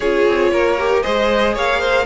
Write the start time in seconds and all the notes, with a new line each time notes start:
0.00 C#4 F4 G#4 C#5
0.27 C4
0.51 A#3 A#4
0.77 G4
1.02 G#3 G#4 C5 D#5
1.54 A#3 C#5 F5
1.79 C5